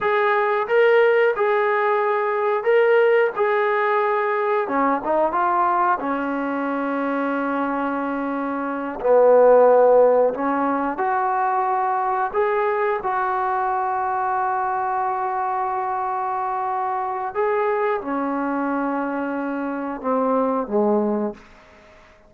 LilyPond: \new Staff \with { instrumentName = "trombone" } { \time 4/4 \tempo 4 = 90 gis'4 ais'4 gis'2 | ais'4 gis'2 cis'8 dis'8 | f'4 cis'2.~ | cis'4. b2 cis'8~ |
cis'8 fis'2 gis'4 fis'8~ | fis'1~ | fis'2 gis'4 cis'4~ | cis'2 c'4 gis4 | }